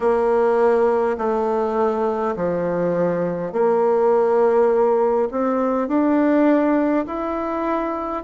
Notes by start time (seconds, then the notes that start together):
0.00 A#3
1.17 A3
2.36 F3
3.52 A#3
5.30 C4
5.88 D4
7.06 E4